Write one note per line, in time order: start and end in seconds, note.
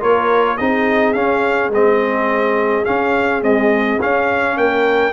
0.00 0.60 A#3
0.00 0.57 F4
0.00 0.57 A#4
0.00 0.57 C#5
0.57 1.15 C4
0.57 1.15 D#4
0.57 4.57 G#4
0.57 1.13 D#5
1.13 1.72 C#4
1.13 1.69 C#4
1.13 1.70 F5
1.69 2.83 G#3
1.69 2.85 C4
1.69 2.85 D#5
2.85 3.42 C#4
2.85 3.43 C#4
2.85 3.42 F5
3.42 3.99 G#3
3.42 4.00 C4
3.42 4.00 D#5
4.01 5.13 C#4
4.01 4.57 C#4
4.01 4.58 F5
4.57 5.13 A#3
4.57 5.13 A#4
4.57 5.13 G5